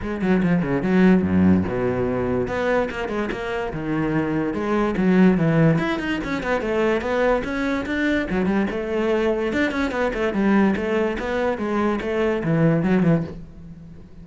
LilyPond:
\new Staff \with { instrumentName = "cello" } { \time 4/4 \tempo 4 = 145 gis8 fis8 f8 cis8 fis4 fis,4 | b,2 b4 ais8 gis8 | ais4 dis2 gis4 | fis4 e4 e'8 dis'8 cis'8 b8 |
a4 b4 cis'4 d'4 | fis8 g8 a2 d'8 cis'8 | b8 a8 g4 a4 b4 | gis4 a4 e4 fis8 e8 | }